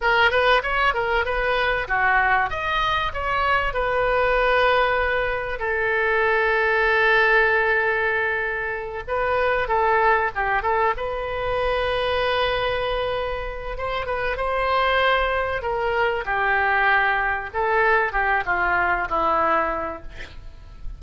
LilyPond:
\new Staff \with { instrumentName = "oboe" } { \time 4/4 \tempo 4 = 96 ais'8 b'8 cis''8 ais'8 b'4 fis'4 | dis''4 cis''4 b'2~ | b'4 a'2.~ | a'2~ a'8 b'4 a'8~ |
a'8 g'8 a'8 b'2~ b'8~ | b'2 c''8 b'8 c''4~ | c''4 ais'4 g'2 | a'4 g'8 f'4 e'4. | }